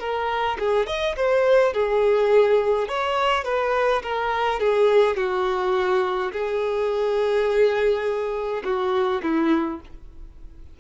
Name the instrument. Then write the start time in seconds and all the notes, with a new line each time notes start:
violin
0.00 A#4
0.59 G#4
0.87 D#5
1.16 C5
1.74 G#4
2.88 C#5
3.45 B4
4.03 A#4
4.60 G#4
5.17 F#4
6.33 G#4
8.64 F#4
9.23 E4